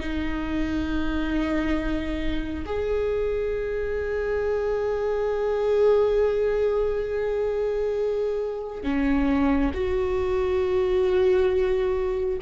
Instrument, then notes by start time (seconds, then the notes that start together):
viola
0.00 D#4
2.66 G#4
8.83 C#4
9.74 F#4